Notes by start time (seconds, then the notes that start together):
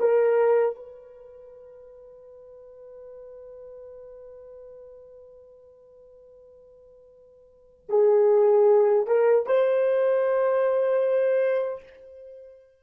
0.00 A#4
0.76 B4
7.89 G#4
9.07 A#4
9.47 C5